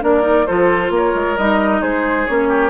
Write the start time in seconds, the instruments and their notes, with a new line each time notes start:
0.00 bassoon A#3, clarinet D4, oboe A#4, flute D5
0.21 clarinet D#4
0.46 bassoon F3, clarinet F4, oboe A4, flute C5
0.89 bassoon A#3, oboe A#4
0.96 flute C#5
1.14 bassoon G#3
1.37 bassoon G3, clarinet D#4, flute D#5
1.81 bassoon G#3, oboe G#4, flute C5
2.26 bassoon A#3, clarinet C#4, flute C#5
2.48 oboe G4